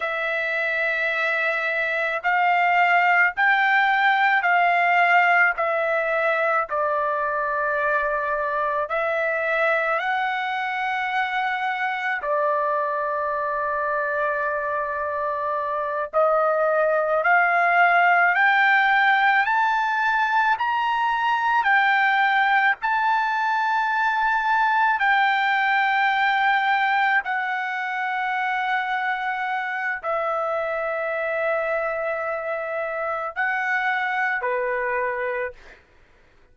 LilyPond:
\new Staff \with { instrumentName = "trumpet" } { \time 4/4 \tempo 4 = 54 e''2 f''4 g''4 | f''4 e''4 d''2 | e''4 fis''2 d''4~ | d''2~ d''8 dis''4 f''8~ |
f''8 g''4 a''4 ais''4 g''8~ | g''8 a''2 g''4.~ | g''8 fis''2~ fis''8 e''4~ | e''2 fis''4 b'4 | }